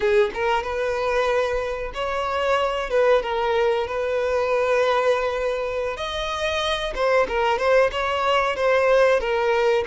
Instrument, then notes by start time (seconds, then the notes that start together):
violin
0.00 G#4
0.33 A#4
0.63 B4
1.94 C#5
2.90 B4
3.22 A#4
3.87 B4
5.96 D#5
6.94 C5
7.28 A#4
7.58 C5
7.91 C#5
8.56 C5
9.20 A#4